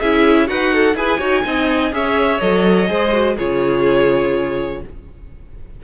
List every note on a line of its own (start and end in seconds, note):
0.00 0.48 C#4
0.00 0.49 E4
0.00 0.47 G#4
0.00 0.48 E5
0.47 0.94 D#4
0.47 0.95 F#4
0.47 0.73 B4
0.47 0.96 F#5
0.73 0.96 A4
0.94 1.18 E4
0.94 1.19 G#4
0.94 1.18 B4
0.94 1.92 G#5
1.18 1.44 D#4
1.18 1.43 F#4
1.18 1.42 C#5
1.44 1.92 C4
1.44 1.91 D#4
1.44 1.93 D#5
1.91 2.40 C#4
1.91 2.39 G#4
1.91 2.89 C#5
1.91 2.40 E5
2.40 2.89 F#3
2.40 2.87 A4
2.40 3.36 D#5
2.87 3.37 G#3
2.87 3.11 G#4
2.87 3.36 C5
3.12 3.36 F#4
3.36 4.83 C#3
3.36 4.82 F4
3.36 4.80 G#4
3.36 4.82 C#5